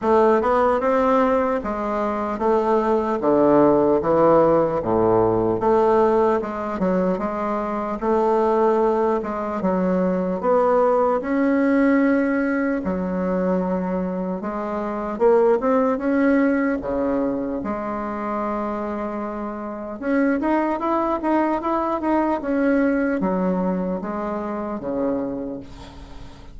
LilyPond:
\new Staff \with { instrumentName = "bassoon" } { \time 4/4 \tempo 4 = 75 a8 b8 c'4 gis4 a4 | d4 e4 a,4 a4 | gis8 fis8 gis4 a4. gis8 | fis4 b4 cis'2 |
fis2 gis4 ais8 c'8 | cis'4 cis4 gis2~ | gis4 cis'8 dis'8 e'8 dis'8 e'8 dis'8 | cis'4 fis4 gis4 cis4 | }